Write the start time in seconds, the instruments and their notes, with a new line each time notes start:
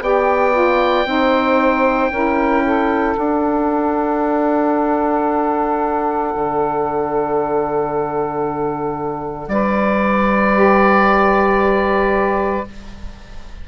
0.00 bassoon B3, saxophone G4 D5, oboe G5
0.52 saxophone F4
1.05 bassoon C4, saxophone D#4 C5
2.11 bassoon C#4, saxophone E4 A#4
2.64 saxophone A4
3.16 saxophone D4, bassoon D4, oboe F#5
6.35 bassoon D3
9.47 bassoon G3, saxophone B4, oboe D5
10.53 saxophone G4